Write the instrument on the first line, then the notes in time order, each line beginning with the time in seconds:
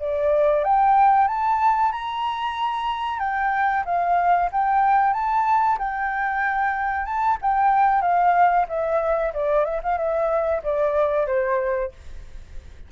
flute
0.00 D5
0.64 G5
1.28 A5
1.92 A#5
3.19 G5
3.86 F5
4.52 G5
5.14 A5
5.79 G5
7.06 A5
7.42 G5
8.02 F5
8.69 E5
9.34 D5
9.65 E5
9.84 F5
9.98 E5
10.64 D5
11.27 C5